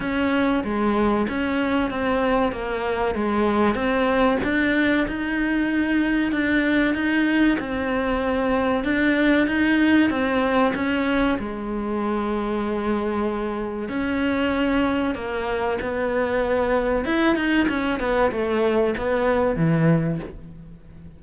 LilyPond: \new Staff \with { instrumentName = "cello" } { \time 4/4 \tempo 4 = 95 cis'4 gis4 cis'4 c'4 | ais4 gis4 c'4 d'4 | dis'2 d'4 dis'4 | c'2 d'4 dis'4 |
c'4 cis'4 gis2~ | gis2 cis'2 | ais4 b2 e'8 dis'8 | cis'8 b8 a4 b4 e4 | }